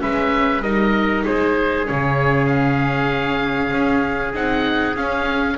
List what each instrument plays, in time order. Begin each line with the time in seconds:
0.00 double bass G#3, viola C#4, trumpet B4, oboe E5
0.62 double bass G3, viola D#4, trumpet A#4, oboe D#5
1.25 double bass G#3, trumpet G#4, oboe C5
1.86 double bass C#3, viola C#4, oboe C#5
2.47 oboe F5
3.72 double bass C#4
4.34 double bass C4, viola D#4, oboe F#5
4.96 viola C#4, double bass C#4, oboe F5